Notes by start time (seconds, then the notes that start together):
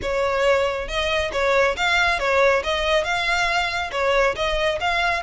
0.02 C#5
0.87 D#5
1.32 C#5
1.76 F5
2.19 C#5
2.63 D#5
3.03 F5
3.91 C#5
4.35 D#5
4.80 F5